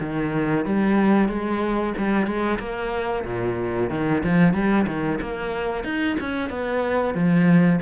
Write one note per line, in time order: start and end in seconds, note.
0.00 0.65 D#3
0.65 1.29 G3
1.29 1.94 G#3
1.97 2.26 G3
2.26 2.59 G#3
2.59 3.24 A#3
3.25 3.90 A#2
3.90 4.23 D#3
4.24 4.54 F3
4.54 4.86 G3
4.87 5.19 D#3
5.21 5.84 A#3
5.84 6.17 D#4
6.20 6.50 C#4
6.50 7.14 B3
7.14 7.80 F3